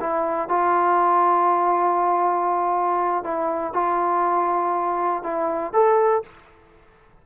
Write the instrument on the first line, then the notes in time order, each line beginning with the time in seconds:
trombone
0.00 E4
0.49 F4
3.24 E4
3.73 F4
5.23 E4
5.73 A4